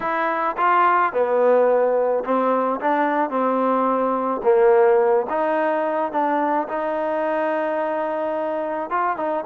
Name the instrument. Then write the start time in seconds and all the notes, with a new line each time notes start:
trombone
0.00 E4
0.57 F4
1.12 B3
2.24 C4
2.80 D4
3.30 C4
4.43 A#3
5.29 D#4
6.12 D4
6.68 D#4
8.90 F4
9.16 D#4